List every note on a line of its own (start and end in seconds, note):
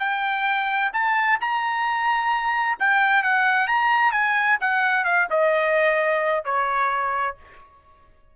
0.00 0.92 G5
0.93 1.39 A5
1.41 2.78 A#5
2.80 3.23 G5
3.23 3.68 F#5
3.68 4.12 A#5
4.12 4.58 G#5
4.61 5.05 F#5
5.05 5.28 F5
5.31 6.45 D#5
6.45 7.37 C#5